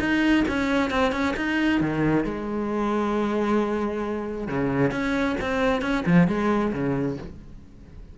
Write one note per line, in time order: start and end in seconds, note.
0.00 0.45 D#4
0.48 0.91 C#4
0.91 1.12 C4
1.12 1.35 C#4
1.37 1.81 D#4
1.81 2.25 D#3
2.25 4.48 G#3
4.48 4.92 C#3
4.92 5.36 C#4
5.41 5.82 C4
5.82 6.04 C#4
6.06 6.28 F3
6.28 6.73 G#3
6.73 7.18 C#3